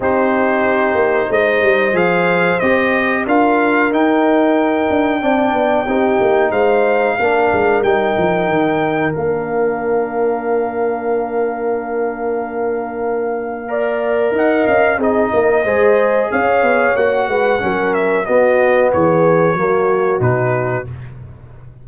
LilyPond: <<
  \new Staff \with { instrumentName = "trumpet" } { \time 4/4 \tempo 4 = 92 c''2 dis''4 f''4 | dis''4 f''4 g''2~ | g''2 f''2 | g''2 f''2~ |
f''1~ | f''2 fis''8 f''8 dis''4~ | dis''4 f''4 fis''4. e''8 | dis''4 cis''2 b'4 | }
  \new Staff \with { instrumentName = "horn" } { \time 4/4 g'2 c''2~ | c''4 ais'2. | d''4 g'4 c''4 ais'4~ | ais'1~ |
ais'1~ | ais'4 d''4 dis''4 gis'8 ais'8 | c''4 cis''4. b'8 ais'4 | fis'4 gis'4 fis'2 | }
  \new Staff \with { instrumentName = "trombone" } { \time 4/4 dis'2. gis'4 | g'4 f'4 dis'2 | d'4 dis'2 d'4 | dis'2 d'2~ |
d'1~ | d'4 ais'2 dis'4 | gis'2 fis'4 cis'4 | b2 ais4 dis'4 | }
  \new Staff \with { instrumentName = "tuba" } { \time 4/4 c'4. ais8 gis8 g8 f4 | c'4 d'4 dis'4. d'8 | c'8 b8 c'8 ais8 gis4 ais8 gis8 | g8 f8 dis4 ais2~ |
ais1~ | ais2 dis'8 cis'8 c'8 ais8 | gis4 cis'8 b8 ais8 gis8 fis4 | b4 e4 fis4 b,4 | }
>>